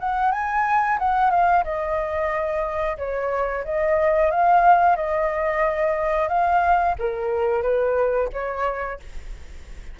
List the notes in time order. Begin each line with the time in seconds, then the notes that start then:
0.00 F#5
0.32 G#5
0.99 F#5
1.31 F5
1.64 D#5
2.98 C#5
3.65 D#5
4.32 F5
4.96 D#5
6.29 F5
6.99 A#4
7.63 B4
8.33 C#5